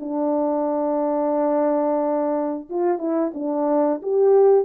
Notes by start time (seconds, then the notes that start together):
0.00 D4
2.70 F4
2.99 E4
3.35 D4
4.03 G4